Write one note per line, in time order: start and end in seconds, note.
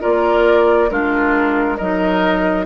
0.00 0.91 A#3
0.00 0.88 F4
0.00 0.89 A#4
0.00 0.90 D5
0.90 1.79 G#3
0.90 1.78 D4
0.90 1.77 F4
0.90 1.77 A#4
1.77 2.66 F#3
1.77 2.66 D#4
1.77 2.65 A#4
1.77 2.65 D#5